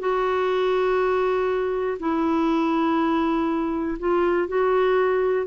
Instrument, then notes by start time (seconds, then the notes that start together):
clarinet
0.00 F#4
2.00 E4
3.99 F4
4.48 F#4